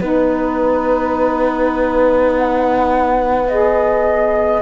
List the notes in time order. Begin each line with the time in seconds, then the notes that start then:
0.00 B3 D#4 B4
2.35 F#5
3.49 G#4 D#5